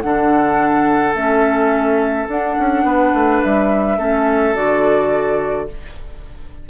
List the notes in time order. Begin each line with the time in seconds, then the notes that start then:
0.00 D3 D4 A4 F#5
1.14 A3 C#4 E5
2.27 D4 F#5
2.58 C#4
2.83 B3 B4
3.13 A3
3.42 G3 E5
3.97 A3 C#4 A4
4.54 D3 F#4 D5